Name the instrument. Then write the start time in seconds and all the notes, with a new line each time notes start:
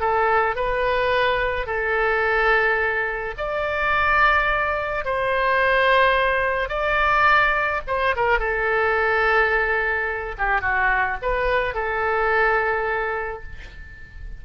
oboe
0.00 A4
0.55 B4
1.66 A4
3.37 D5
5.04 C5
6.69 D5
7.87 C5
8.16 A#4
8.39 A4
10.38 G4
10.61 F#4
11.22 B4
11.74 A4